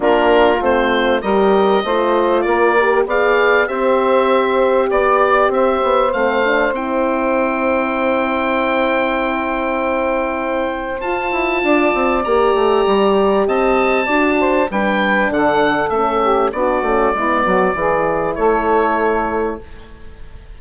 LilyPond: <<
  \new Staff \with { instrumentName = "oboe" } { \time 4/4 \tempo 4 = 98 ais'4 c''4 dis''2 | d''4 f''4 e''2 | d''4 e''4 f''4 g''4~ | g''1~ |
g''2 a''2 | ais''2 a''2 | g''4 fis''4 e''4 d''4~ | d''2 cis''2 | }
  \new Staff \with { instrumentName = "saxophone" } { \time 4/4 f'2 ais'4 c''4 | ais'4 d''4 c''2 | d''4 c''2.~ | c''1~ |
c''2. d''4~ | d''2 dis''4 d''8 c''8 | b'4 a'4. g'8 fis'4 | e'8 fis'8 gis'4 a'2 | }
  \new Staff \with { instrumentName = "horn" } { \time 4/4 d'4 c'4 g'4 f'4~ | f'8 g'8 gis'4 g'2~ | g'2 c'8 d'8 e'4~ | e'1~ |
e'2 f'2 | g'2. fis'4 | d'2 cis'4 d'8 cis'8 | b4 e'2. | }
  \new Staff \with { instrumentName = "bassoon" } { \time 4/4 ais4 a4 g4 a4 | ais4 b4 c'2 | b4 c'8 b8 a4 c'4~ | c'1~ |
c'2 f'8 e'8 d'8 c'8 | ais8 a8 g4 c'4 d'4 | g4 d4 a4 b8 a8 | gis8 fis8 e4 a2 | }
>>